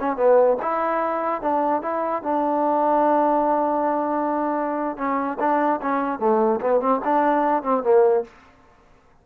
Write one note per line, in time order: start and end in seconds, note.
0.00 0.17 C#4
0.17 0.58 B3
0.63 1.42 E4
1.42 1.82 D4
1.82 2.23 E4
2.23 4.97 D4
4.97 5.38 C#4
5.40 5.81 D4
5.82 6.19 C#4
6.19 6.60 A3
6.61 6.81 B3
6.81 7.01 C4
7.05 7.63 D4
7.63 7.84 C4
7.84 8.24 A#3